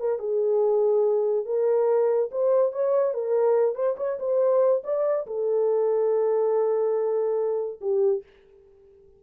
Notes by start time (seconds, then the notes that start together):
0.00 A#4
0.19 G#4
1.46 A#4
2.32 C5
2.73 C#5
3.14 A#4
3.75 C5
3.97 C#5
4.19 C5
4.84 D5
5.27 A4
7.81 G4